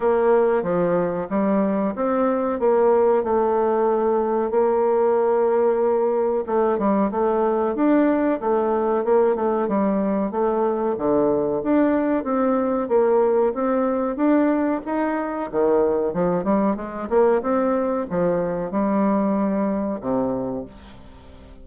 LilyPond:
\new Staff \with { instrumentName = "bassoon" } { \time 4/4 \tempo 4 = 93 ais4 f4 g4 c'4 | ais4 a2 ais4~ | ais2 a8 g8 a4 | d'4 a4 ais8 a8 g4 |
a4 d4 d'4 c'4 | ais4 c'4 d'4 dis'4 | dis4 f8 g8 gis8 ais8 c'4 | f4 g2 c4 | }